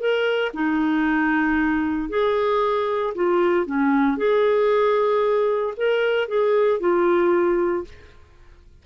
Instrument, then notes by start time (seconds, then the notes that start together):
clarinet
0.00 A#4
0.54 D#4
2.10 G#4
3.15 F4
3.66 C#4
4.18 G#4
5.77 A#4
6.28 G#4
6.80 F4